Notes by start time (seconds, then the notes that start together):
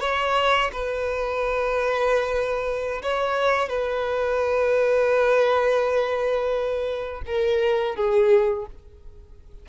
0.00 C#5
0.72 B4
3.02 C#5
3.69 B4
7.26 A#4
7.95 G#4